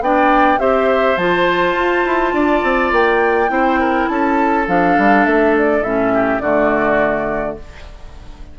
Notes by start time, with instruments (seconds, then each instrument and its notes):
0.00 bassoon B3, clarinet D4, oboe D5, flute G5
0.59 bassoon C4, clarinet G4, oboe C5, flute E5
1.17 bassoon F3, clarinet F4, flute A5
1.75 bassoon F4
2.05 bassoon E4
2.33 bassoon D4, oboe D5
2.63 bassoon C4
2.92 bassoon A#3, flute G5
3.49 bassoon C4, clarinet E4, oboe C5
3.80 oboe A#4
4.08 bassoon C#4, oboe A4, flute A5
4.66 bassoon F3, clarinet D4, flute F5
4.98 bassoon G3
5.25 bassoon A3, flute E5
5.58 flute D5
5.81 bassoon A2, clarinet C#4, flute E5
6.13 oboe G4
6.40 bassoon D3, clarinet A3, oboe F#4, flute D5